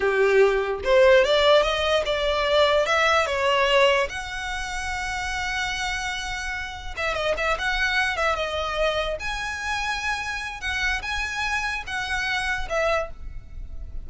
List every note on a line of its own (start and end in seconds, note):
0.00 0.80 G4
0.84 1.24 C5
1.24 1.62 D5
1.62 2.03 D#5
2.05 2.86 D5
2.86 3.26 E5
3.26 4.08 C#5
4.09 6.94 F#5
6.96 7.14 E5
7.14 7.34 D#5
7.37 7.57 E5
7.58 8.16 F#5
8.16 8.35 E5
8.35 9.17 D#5
9.19 10.60 G#5
10.60 11.01 F#5
11.01 11.83 G#5
11.86 12.68 F#5
12.69 13.10 E5